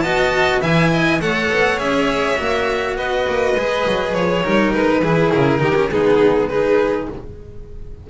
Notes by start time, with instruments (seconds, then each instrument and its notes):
0.00 double bass B3, cello F#4, violin D#5 A5
0.61 double bass E3, cello E4, violin E5 G#5
0.92 violin D#5
1.21 double bass A3, cello A4, violin C#5 F#5
1.51 double bass B3
1.78 double bass C#4, cello G#4, violin E5
2.37 double bass A#3, cello F#4
2.97 double bass B3, violin B4 D#5
3.28 double bass A#3
3.56 double bass G#3, cello G#4
3.87 double bass F#3
4.13 double bass F3, violin C#5
4.43 double bass G3, cello D#4, violin A#4
4.73 double bass G#3, violin B4
5.01 double bass E3, cello E4, violin G#4
5.33 double bass C#3, violin A#4
5.59 double bass D#3, cello D#4, violin G4
5.76 cello C#4
5.91 double bass G#3, cello B3, violin D#4 G#4
6.49 cello D#4, violin G#4 B4